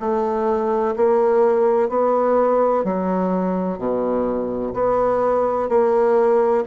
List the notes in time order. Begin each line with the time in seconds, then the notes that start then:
0.00 A3
0.97 A#3
1.89 B3
2.84 F#3
3.78 B2
4.74 B3
5.69 A#3